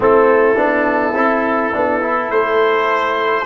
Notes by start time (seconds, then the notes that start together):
0.00 A3 C4 E4 A4
0.55 B3 D4
1.14 C4 E4
1.72 B3 D4
2.01 E4
2.30 A3 A4 C5